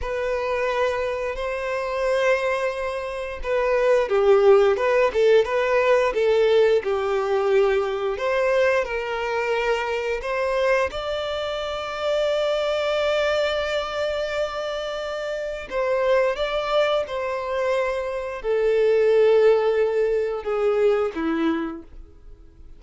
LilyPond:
\new Staff \with { instrumentName = "violin" } { \time 4/4 \tempo 4 = 88 b'2 c''2~ | c''4 b'4 g'4 b'8 a'8 | b'4 a'4 g'2 | c''4 ais'2 c''4 |
d''1~ | d''2. c''4 | d''4 c''2 a'4~ | a'2 gis'4 e'4 | }